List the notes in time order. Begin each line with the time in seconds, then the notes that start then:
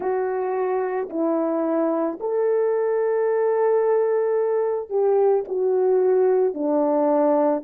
0.00 F#4
1.09 E4
2.20 A4
4.89 G4
5.48 F#4
6.54 D4